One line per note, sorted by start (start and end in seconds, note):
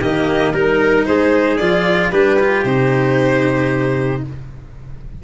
0.00 0.53 D#3
0.00 0.54 A#3
0.00 0.53 G4
0.00 0.54 D#5
0.53 1.05 G3
0.53 1.59 D#4
0.53 1.05 A#4
1.05 1.60 G#3
1.05 2.12 G#4
1.05 1.57 C5
1.57 2.12 F3
1.57 2.13 F4
1.57 2.10 D5
2.11 2.64 G3
2.11 2.39 D4
2.11 4.23 G4
2.11 2.64 B4
2.39 2.65 F4
2.64 4.22 C3
2.64 4.23 D#4
2.64 4.22 C5